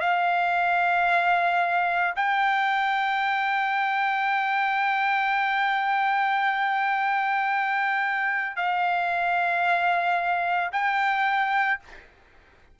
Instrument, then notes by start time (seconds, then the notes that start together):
trumpet
0.00 F5
2.16 G5
8.56 F5
10.72 G5